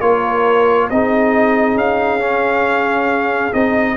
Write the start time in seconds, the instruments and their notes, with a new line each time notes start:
0.00 tuba A#3, trombone F4, horn A#4, trumpet C#5
0.90 tuba C4, trombone D#4, horn G#4, trumpet D#5
1.75 tuba C#4, trumpet F5
2.19 trombone C#4
3.52 tuba C4, trombone D#4, trumpet D#5